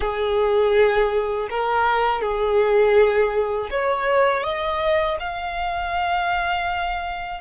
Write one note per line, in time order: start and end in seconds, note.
0.00 1.48 G#4
1.49 2.21 A#4
2.21 3.69 G#4
3.70 4.43 C#5
4.43 5.17 D#5
5.19 7.41 F5